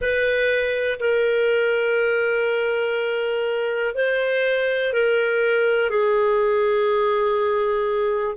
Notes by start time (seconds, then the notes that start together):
0.00 B4
0.99 A#4
3.94 C5
4.93 A#4
5.90 G#4